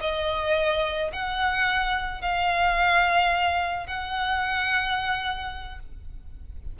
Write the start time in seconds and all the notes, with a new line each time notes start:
0.00 D#5
1.12 F#5
2.21 F5
3.86 F#5